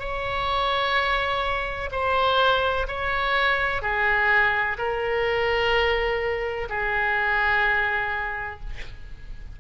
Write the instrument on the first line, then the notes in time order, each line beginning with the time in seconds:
oboe
0.00 C#5
1.92 C5
2.88 C#5
3.82 G#4
4.78 A#4
6.70 G#4